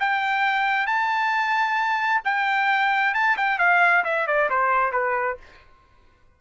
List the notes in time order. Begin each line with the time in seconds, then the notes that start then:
0.00 G5
0.87 A5
2.25 G5
3.14 A5
3.37 G5
3.59 F5
4.05 E5
4.27 D5
4.50 C5
4.92 B4